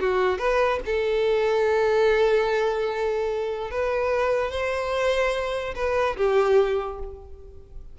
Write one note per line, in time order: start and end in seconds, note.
0.00 0.38 F#4
0.38 0.80 B4
0.86 3.71 A4
3.71 4.51 B4
4.51 5.74 C5
5.75 6.16 B4
6.17 6.99 G4